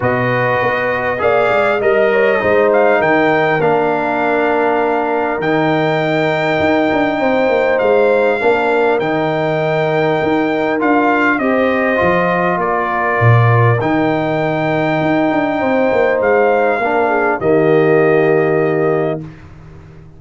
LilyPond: <<
  \new Staff \with { instrumentName = "trumpet" } { \time 4/4 \tempo 4 = 100 dis''2 f''4 dis''4~ | dis''8 f''8 g''4 f''2~ | f''4 g''2.~ | g''4 f''2 g''4~ |
g''2 f''4 dis''4~ | dis''4 d''2 g''4~ | g''2. f''4~ | f''4 dis''2. | }
  \new Staff \with { instrumentName = "horn" } { \time 4/4 b'2 d''4 dis''8 cis''8 | c''4 ais'2.~ | ais'1 | c''2 ais'2~ |
ais'2. c''4~ | c''4 ais'2.~ | ais'2 c''2 | ais'8 gis'8 g'2. | }
  \new Staff \with { instrumentName = "trombone" } { \time 4/4 fis'2 gis'4 ais'4 | dis'2 d'2~ | d'4 dis'2.~ | dis'2 d'4 dis'4~ |
dis'2 f'4 g'4 | f'2. dis'4~ | dis'1 | d'4 ais2. | }
  \new Staff \with { instrumentName = "tuba" } { \time 4/4 b,4 b4 ais8 gis8 g4 | gis4 dis4 ais2~ | ais4 dis2 dis'8 d'8 | c'8 ais8 gis4 ais4 dis4~ |
dis4 dis'4 d'4 c'4 | f4 ais4 ais,4 dis4~ | dis4 dis'8 d'8 c'8 ais8 gis4 | ais4 dis2. | }
>>